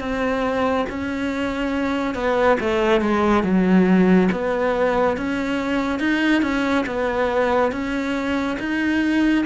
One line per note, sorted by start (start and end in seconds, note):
0.00 0.86 C4
0.90 2.15 C#4
2.15 2.58 B3
2.61 3.01 A3
3.01 3.44 G#3
3.44 4.29 F#3
4.32 5.17 B3
5.17 6.00 C#4
6.00 6.42 D#4
6.42 6.85 C#4
6.86 7.72 B3
7.72 8.58 C#4
8.60 9.46 D#4